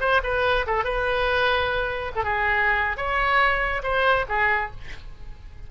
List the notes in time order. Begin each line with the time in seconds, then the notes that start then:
0.00 C5
0.23 B4
0.67 A4
0.84 B4
2.15 A4
2.24 G#4
2.97 C#5
3.83 C5
4.29 G#4